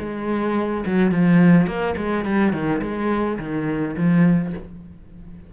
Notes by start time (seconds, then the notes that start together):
0.00 G#3
0.86 F#3
1.11 F3
1.67 A#3
1.97 G#3
2.25 G3
2.53 D#3
2.82 G#3
3.39 D#3
3.97 F3